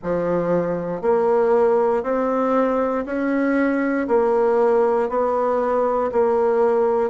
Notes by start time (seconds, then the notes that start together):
0.03 F3
1.01 A#3
2.03 C4
3.05 C#4
4.07 A#3
5.08 B3
6.12 A#3